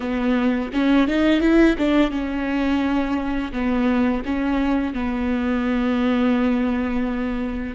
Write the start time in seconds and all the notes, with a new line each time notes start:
0.00 B3
0.73 C#4
1.07 D#4
1.40 E4
1.78 D4
2.10 C#4
3.52 B3
4.25 C#4
4.93 B3